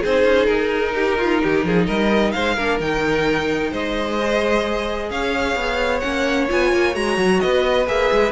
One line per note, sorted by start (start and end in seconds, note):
0.00 0.24 C4
0.00 2.58 D#4
0.00 0.92 G#4
0.00 0.46 C5
0.24 0.47 C#4
0.46 1.42 D#4
0.46 1.84 A#4
0.94 1.17 G4
1.18 1.41 F4
1.42 1.64 D#3
1.42 1.65 G4
1.64 1.87 F3
1.64 1.86 G#4
1.86 2.34 G3
1.86 2.32 A#4
1.86 2.31 D#5
2.31 2.57 G#3
2.31 2.55 C5
2.31 2.77 F5
2.55 2.79 A#3
2.55 2.80 D4
2.55 3.70 A#4
2.79 3.71 D#3
2.79 4.18 D#4
2.79 3.73 G5
3.70 5.10 G#3
3.70 5.09 C5
3.70 5.10 D#5
4.19 6.02 G#4
5.10 5.55 C#4
5.10 7.42 C#5
5.10 5.99 F5
5.55 6.01 B3
5.99 6.49 A#3
5.99 6.48 C#4
5.99 6.45 F#5
6.48 6.73 B3
6.48 6.92 F4
6.48 6.95 G#5
6.73 6.95 A#3
6.92 7.17 G#3
6.92 7.85 F#4
6.92 7.40 A#5
7.17 7.40 F#3
7.40 7.87 B3
7.40 8.31 B4
7.40 7.86 D#5
7.87 8.10 A#3
7.87 8.31 G#4
7.87 8.31 E5
8.12 8.31 G#3